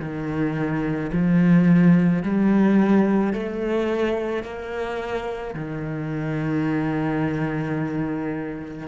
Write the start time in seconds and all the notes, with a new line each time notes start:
0.00 D#3
1.13 F3
2.23 G3
3.33 A3
4.43 A#3
5.55 D#3